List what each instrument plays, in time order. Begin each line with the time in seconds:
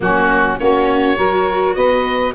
0.00 tuba F#3, viola A#3, saxophone C#4, oboe F#4
0.59 tuba A#3, viola C#4, saxophone F#4, oboe C#5
1.17 tuba F#3, viola F#4, saxophone A#4
1.75 tuba B3, saxophone B4, oboe D#5